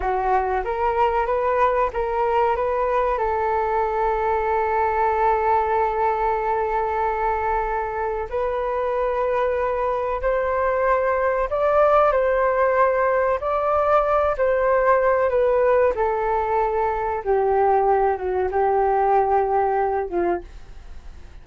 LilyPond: \new Staff \with { instrumentName = "flute" } { \time 4/4 \tempo 4 = 94 fis'4 ais'4 b'4 ais'4 | b'4 a'2.~ | a'1~ | a'4 b'2. |
c''2 d''4 c''4~ | c''4 d''4. c''4. | b'4 a'2 g'4~ | g'8 fis'8 g'2~ g'8 f'8 | }